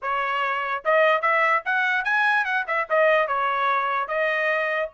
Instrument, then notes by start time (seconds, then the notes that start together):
trumpet
0.01 C#5
0.85 D#5
1.21 E5
1.65 F#5
2.04 G#5
2.45 F#5
2.67 E5
2.89 D#5
3.27 C#5
4.07 D#5